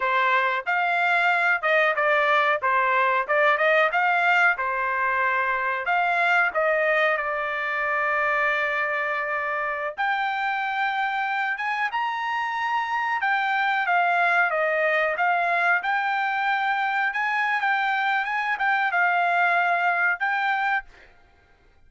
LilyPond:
\new Staff \with { instrumentName = "trumpet" } { \time 4/4 \tempo 4 = 92 c''4 f''4. dis''8 d''4 | c''4 d''8 dis''8 f''4 c''4~ | c''4 f''4 dis''4 d''4~ | d''2.~ d''16 g''8.~ |
g''4.~ g''16 gis''8 ais''4.~ ais''16~ | ais''16 g''4 f''4 dis''4 f''8.~ | f''16 g''2 gis''8. g''4 | gis''8 g''8 f''2 g''4 | }